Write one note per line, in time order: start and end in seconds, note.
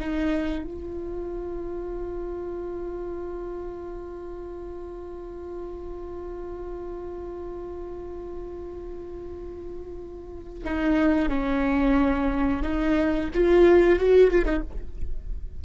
0.00 0.64 D#4
0.64 10.64 F4
10.64 11.29 D#4
11.29 12.62 C#4
12.63 13.29 D#4
13.34 13.99 F4
13.99 14.31 F#4
14.31 14.45 F4
14.45 14.62 D#4